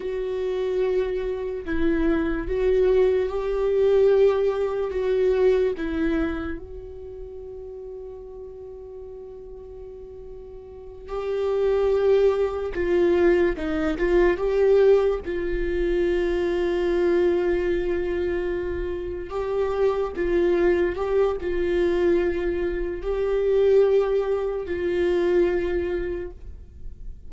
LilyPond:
\new Staff \with { instrumentName = "viola" } { \time 4/4 \tempo 4 = 73 fis'2 e'4 fis'4 | g'2 fis'4 e'4 | fis'1~ | fis'4. g'2 f'8~ |
f'8 dis'8 f'8 g'4 f'4.~ | f'2.~ f'8 g'8~ | g'8 f'4 g'8 f'2 | g'2 f'2 | }